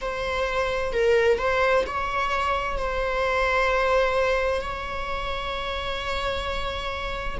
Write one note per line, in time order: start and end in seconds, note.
0.01 0.92 C5
0.92 1.38 A#4
1.38 1.84 C5
1.86 2.78 C#5
2.78 4.61 C5
4.61 7.38 C#5